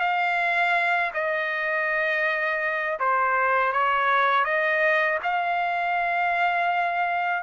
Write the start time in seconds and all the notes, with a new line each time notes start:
0.00 F5
1.13 D#5
2.99 C5
3.72 C#5
4.44 D#5
5.23 F5